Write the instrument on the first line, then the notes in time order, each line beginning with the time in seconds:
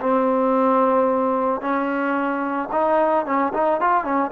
trombone
0.00 C4
1.61 C#4
2.71 D#4
3.26 C#4
3.54 D#4
3.80 F4
4.04 C#4